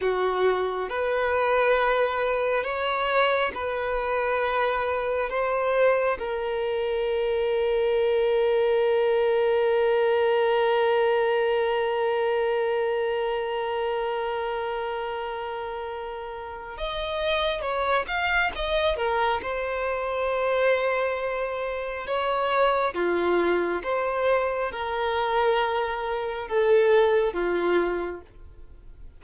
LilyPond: \new Staff \with { instrumentName = "violin" } { \time 4/4 \tempo 4 = 68 fis'4 b'2 cis''4 | b'2 c''4 ais'4~ | ais'1~ | ais'1~ |
ais'2. dis''4 | cis''8 f''8 dis''8 ais'8 c''2~ | c''4 cis''4 f'4 c''4 | ais'2 a'4 f'4 | }